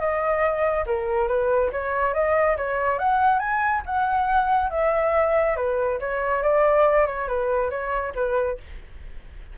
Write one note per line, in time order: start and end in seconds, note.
0.00 0.86 D#5
0.86 1.28 A#4
1.28 1.71 B4
1.73 2.14 C#5
2.14 2.57 D#5
2.58 2.99 C#5
2.99 3.40 F#5
3.40 3.83 G#5
3.86 4.71 F#5
4.71 5.57 E5
5.57 6.00 B4
6.00 6.43 C#5
6.43 7.07 D5
7.07 7.28 C#5
7.28 7.71 B4
7.71 8.14 C#5
8.16 8.59 B4